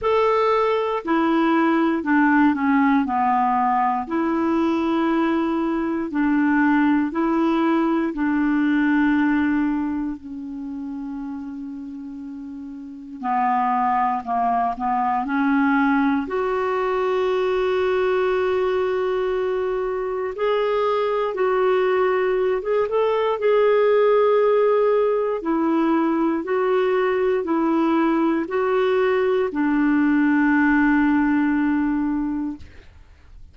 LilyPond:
\new Staff \with { instrumentName = "clarinet" } { \time 4/4 \tempo 4 = 59 a'4 e'4 d'8 cis'8 b4 | e'2 d'4 e'4 | d'2 cis'2~ | cis'4 b4 ais8 b8 cis'4 |
fis'1 | gis'4 fis'4~ fis'16 gis'16 a'8 gis'4~ | gis'4 e'4 fis'4 e'4 | fis'4 d'2. | }